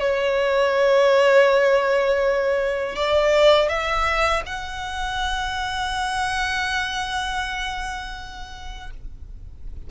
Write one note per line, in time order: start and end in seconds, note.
0.00 2.96 C#5
2.96 3.69 D5
3.69 4.43 E5
4.46 8.90 F#5